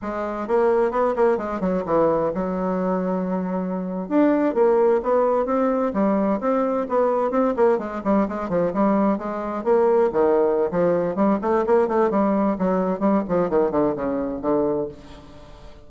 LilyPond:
\new Staff \with { instrumentName = "bassoon" } { \time 4/4 \tempo 4 = 129 gis4 ais4 b8 ais8 gis8 fis8 | e4 fis2.~ | fis8. d'4 ais4 b4 c'16~ | c'8. g4 c'4 b4 c'16~ |
c'16 ais8 gis8 g8 gis8 f8 g4 gis16~ | gis8. ais4 dis4~ dis16 f4 | g8 a8 ais8 a8 g4 fis4 | g8 f8 dis8 d8 cis4 d4 | }